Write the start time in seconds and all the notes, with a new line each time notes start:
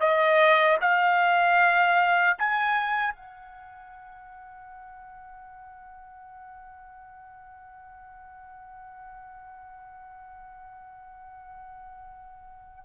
0.00 D#5
0.82 F5
2.39 G#5
3.15 F#5